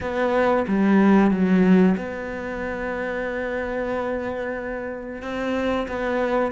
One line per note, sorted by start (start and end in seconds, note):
0.01 0.66 B3
0.67 1.30 G3
1.30 1.96 F#3
1.97 5.22 B3
5.22 5.87 C4
5.88 6.51 B3